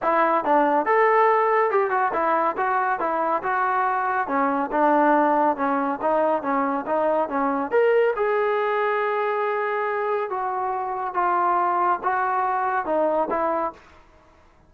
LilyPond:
\new Staff \with { instrumentName = "trombone" } { \time 4/4 \tempo 4 = 140 e'4 d'4 a'2 | g'8 fis'8 e'4 fis'4 e'4 | fis'2 cis'4 d'4~ | d'4 cis'4 dis'4 cis'4 |
dis'4 cis'4 ais'4 gis'4~ | gis'1 | fis'2 f'2 | fis'2 dis'4 e'4 | }